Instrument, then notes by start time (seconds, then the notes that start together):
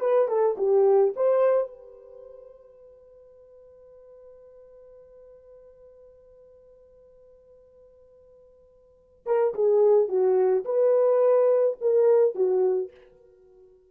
horn
0.00 B4
0.28 A4
0.58 G4
1.16 C5
1.68 B4
9.26 A#4
9.55 G#4
10.08 F#4
10.65 B4
11.81 A#4
12.35 F#4